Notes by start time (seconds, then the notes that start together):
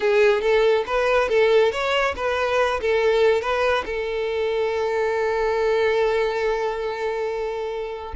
0.00 G#4
0.41 A4
0.86 B4
1.29 A4
1.71 C#5
2.16 B4
2.81 A4
3.41 B4
3.85 A4